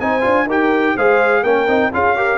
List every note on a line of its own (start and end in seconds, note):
0.00 0.24 C4
0.00 0.21 D#4
0.00 0.47 C5
0.00 0.48 G#5
0.21 0.47 D4
0.21 0.45 F4
0.47 0.95 D#4
0.47 0.97 G4
0.47 0.95 A#4
0.47 0.97 G5
0.95 1.43 G#3
0.95 1.45 G#4
0.95 1.43 C5
0.95 1.44 F5
1.43 1.67 A#3
1.43 1.68 C#4
1.43 1.91 A#4
1.43 1.92 G5
1.67 1.91 C4
1.67 1.92 D#4
1.93 2.38 C#4
1.93 2.16 F4
1.93 2.17 G#4
1.93 2.38 F5
2.16 2.38 G4
2.16 2.38 A#4